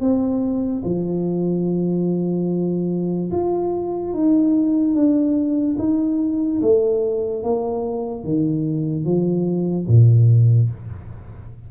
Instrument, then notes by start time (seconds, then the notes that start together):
tuba
0.00 C4
0.84 F3
3.31 F4
4.14 D#4
4.94 D4
5.78 D#4
6.61 A3
7.43 A#3
8.24 D#3
9.04 F3
9.87 A#2